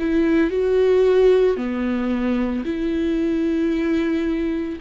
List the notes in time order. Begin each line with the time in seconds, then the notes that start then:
0.00 E4
0.51 F#4
1.57 B3
2.65 E4